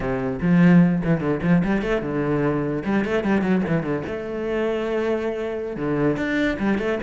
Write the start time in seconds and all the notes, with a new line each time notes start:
0.00 C3
0.41 F3
1.04 E3
1.20 D3
1.42 F3
1.64 G3
1.82 A3
2.02 D3
2.84 G3
3.04 A3
3.23 G3
3.41 F#3
3.67 E3
3.82 D3
4.07 A3
5.76 D3
6.17 D4
6.59 G3
6.78 A3